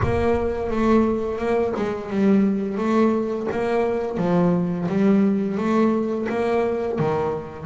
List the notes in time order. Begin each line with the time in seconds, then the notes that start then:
0.03 A#3
0.70 A3
1.38 A#3
1.76 G#3
2.10 G3
2.77 A3
3.51 A#3
4.17 F3
4.88 G3
5.57 A3
6.29 A#3
6.98 D#3